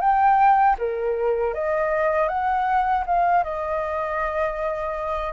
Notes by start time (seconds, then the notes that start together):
0.00 G5
0.78 A#4
1.54 D#5
2.28 F#5
3.06 F5
3.43 D#5